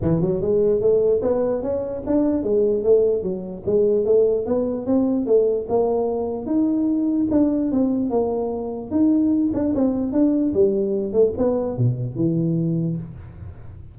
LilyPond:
\new Staff \with { instrumentName = "tuba" } { \time 4/4 \tempo 4 = 148 e8 fis8 gis4 a4 b4 | cis'4 d'4 gis4 a4 | fis4 gis4 a4 b4 | c'4 a4 ais2 |
dis'2 d'4 c'4 | ais2 dis'4. d'8 | c'4 d'4 g4. a8 | b4 b,4 e2 | }